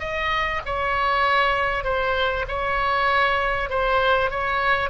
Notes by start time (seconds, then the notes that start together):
0.00 D#5
0.66 C#5
1.85 C5
2.48 C#5
3.70 C5
4.31 C#5